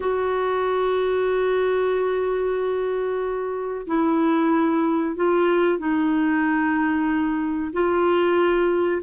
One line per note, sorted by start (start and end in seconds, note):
0.00 3.86 F#4
3.87 5.16 E4
5.16 5.78 F4
5.78 7.72 D#4
7.72 9.01 F4